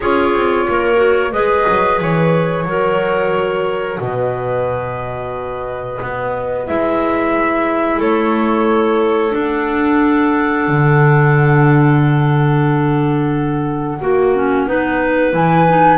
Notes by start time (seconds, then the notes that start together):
0.00 C#4 F4 G#4 C#5
0.33 C4
0.68 A#3 A#4
0.95 F#4
1.32 G#3 G#4 B4 D#5
1.68 F#3
2.00 E3 C#5
2.65 F#3 F#4 A#4
3.99 B2 B4 D#5
6.01 B3
6.67 G#3 E4 E5
7.97 A3 A4 C#5
9.30 D4 F#5
10.67 D3
14.00 A#3 F#4
14.34 C#4
14.67 B3 D#4 B4
15.31 E3 E4 G#5
15.68 D#4